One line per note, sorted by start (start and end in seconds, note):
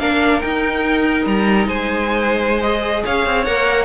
0.00 0.42 A#3
0.00 0.42 D4
0.00 1.67 A#4
0.00 0.41 F5
0.41 2.62 D#4
0.41 1.26 D#4
0.41 1.25 G5
1.26 1.67 G3
1.26 1.68 A#5
1.67 3.03 G#3
1.67 3.03 C5
1.67 2.62 G#5
2.62 3.46 G#4
2.62 3.04 D#5
3.05 3.26 C#4
3.05 3.85 C#5
3.05 3.45 F5
3.26 3.47 C4
3.45 3.85 A#3
3.45 3.85 A#4
3.45 3.85 F#5